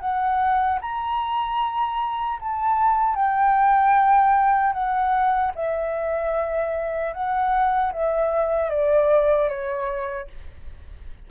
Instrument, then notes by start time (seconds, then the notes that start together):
flute
0.00 F#5
0.81 A#5
2.39 A5
3.15 G5
4.73 F#5
5.55 E5
7.13 F#5
7.92 E5
8.70 D5
9.48 C#5